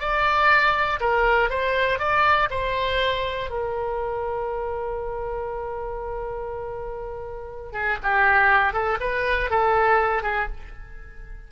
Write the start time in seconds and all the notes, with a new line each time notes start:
0.00 D5
1.00 A#4
1.50 C5
1.99 D5
2.50 C5
3.50 A#4
7.73 G#4
8.03 G4
8.73 A4
9.01 B4
9.50 A4
10.23 G#4